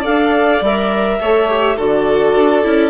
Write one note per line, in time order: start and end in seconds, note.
0.00 0.61 D4
0.00 0.61 A4
0.00 1.15 D5
0.00 0.62 F5
0.61 1.19 G3
0.61 1.20 A#4
0.61 1.80 E5
1.20 1.78 A3
1.20 1.48 A4
1.20 1.76 C#5
1.48 1.77 G4
1.76 2.35 D3
1.76 2.64 F#4
1.76 2.90 A4
1.76 2.90 D5
2.35 2.64 D4
2.64 2.90 C#4
2.64 2.90 E4